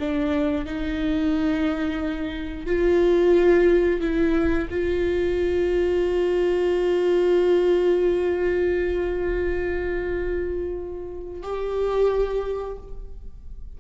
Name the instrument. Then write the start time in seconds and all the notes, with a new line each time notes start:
viola
0.00 D4
0.66 D#4
2.66 F4
4.01 E4
4.70 F4
11.43 G4